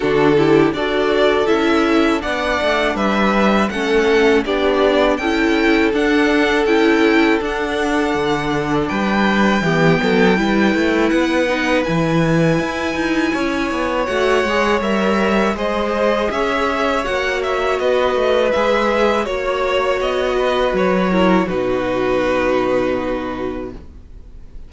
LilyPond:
<<
  \new Staff \with { instrumentName = "violin" } { \time 4/4 \tempo 4 = 81 a'4 d''4 e''4 fis''4 | e''4 fis''4 d''4 g''4 | fis''4 g''4 fis''2 | g''2. fis''4 |
gis''2. fis''4 | e''4 dis''4 e''4 fis''8 e''8 | dis''4 e''4 cis''4 dis''4 | cis''4 b'2. | }
  \new Staff \with { instrumentName = "violin" } { \time 4/4 fis'8 g'8 a'2 d''4 | b'4 a'4 g'4 a'4~ | a'1 | b'4 g'8 a'8 b'2~ |
b'2 cis''2~ | cis''4 c''4 cis''2 | b'2 cis''4. b'8~ | b'8 ais'8 fis'2. | }
  \new Staff \with { instrumentName = "viola" } { \time 4/4 d'8 e'8 fis'4 e'4 d'4~ | d'4 cis'4 d'4 e'4 | d'4 e'4 d'2~ | d'4 b4 e'4. dis'8 |
e'2. fis'8 gis'8 | ais'4 gis'2 fis'4~ | fis'4 gis'4 fis'2~ | fis'8 e'8 dis'2. | }
  \new Staff \with { instrumentName = "cello" } { \time 4/4 d4 d'4 cis'4 b8 a8 | g4 a4 b4 cis'4 | d'4 cis'4 d'4 d4 | g4 e8 fis8 g8 a8 b4 |
e4 e'8 dis'8 cis'8 b8 a8 gis8 | g4 gis4 cis'4 ais4 | b8 a8 gis4 ais4 b4 | fis4 b,2. | }
>>